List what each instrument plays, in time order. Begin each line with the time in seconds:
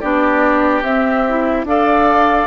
0.00 bassoon B3, clarinet D4, oboe G4, flute D5
0.82 bassoon C4, clarinet C4, flute E5
1.28 clarinet E4
1.64 bassoon D4, clarinet A4, oboe D5, flute F5